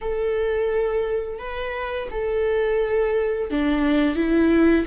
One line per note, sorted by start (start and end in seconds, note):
0.01 1.39 A4
1.39 2.08 B4
2.11 3.50 A4
3.50 4.15 D4
4.15 4.85 E4